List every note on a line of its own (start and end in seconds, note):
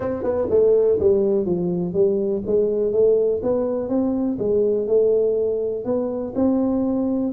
0.00 0.23 C4
0.23 0.47 B3
0.50 0.98 A3
0.99 1.45 G3
1.45 1.93 F3
1.93 2.42 G3
2.46 2.92 G#3
2.92 3.41 A3
3.42 3.88 B3
3.88 4.37 C4
4.38 4.87 G#3
4.87 5.84 A3
5.84 6.33 B3
6.35 7.32 C4